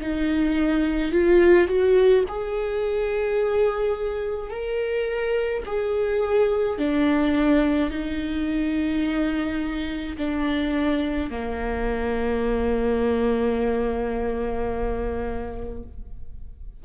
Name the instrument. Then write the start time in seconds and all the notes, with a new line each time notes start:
viola
0.00 D#4
1.12 F4
1.68 F#4
2.28 G#4
4.50 A#4
5.66 G#4
6.78 D4
7.90 D#4
10.17 D4
11.31 A#3